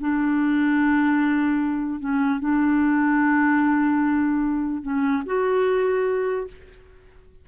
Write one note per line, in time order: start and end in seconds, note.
0.00 2.00 D4
2.00 2.39 C#4
2.39 4.82 D4
4.82 5.23 C#4
5.26 6.47 F#4